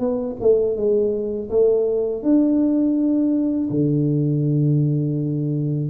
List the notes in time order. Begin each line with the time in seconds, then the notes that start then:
0.00 B3
0.41 A3
0.77 G#3
1.50 A3
2.23 D4
3.71 D3